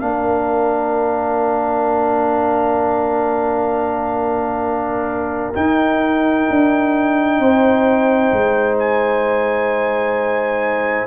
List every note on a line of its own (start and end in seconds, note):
0.00 5.54 A#3
0.00 5.54 D4
0.00 5.54 F5
0.06 7.41 A#4
5.55 11.07 D#4
5.55 6.48 D#4
5.55 8.78 G5
6.50 7.40 D4
7.40 8.32 C4
7.40 11.07 C5
8.33 11.07 G#3
8.79 11.07 G#5